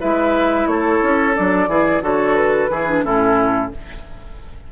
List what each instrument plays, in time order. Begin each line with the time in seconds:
0.00 bassoon G#3, clarinet E4, oboe B4, flute E5
0.67 bassoon A3, oboe A4, flute C#5
1.03 bassoon C#4
1.34 bassoon F#3, clarinet D4, flute D5
1.68 bassoon E3, clarinet E4, oboe G#4
2.02 bassoon D3, clarinet F#4, oboe A4, flute C#5
2.35 flute B4
2.70 bassoon E3, clarinet E4, oboe G#4
2.89 clarinet D4
3.04 bassoon A2, clarinet C#4, oboe E4, flute A4